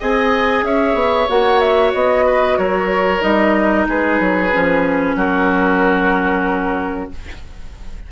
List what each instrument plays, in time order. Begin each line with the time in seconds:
0.00 bassoon C4, clarinet G#4, oboe D#5, flute G#5
0.63 bassoon C#4, oboe C#5, flute E5
0.94 bassoon B3
1.28 bassoon A#3, clarinet F#4, flute F#5
1.60 flute E5
1.94 bassoon B3, flute D#5
2.26 oboe B4
2.57 bassoon F#3, oboe A#4, flute C#5
3.21 bassoon G3, clarinet D#4, flute D#5
3.88 bassoon G#3, oboe G#4, flute B4
4.20 bassoon F#3
4.53 bassoon F3, clarinet C#4
5.15 bassoon F#3, oboe F#4, flute A#4